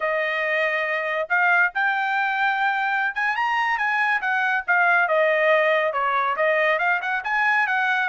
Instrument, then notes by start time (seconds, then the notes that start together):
trumpet
0.00 D#5
1.29 F5
1.74 G5
3.15 G#5
3.36 A#5
3.77 G#5
4.21 F#5
4.67 F5
5.07 D#5
5.92 C#5
6.36 D#5
6.78 F5
7.01 F#5
7.23 G#5
7.67 F#5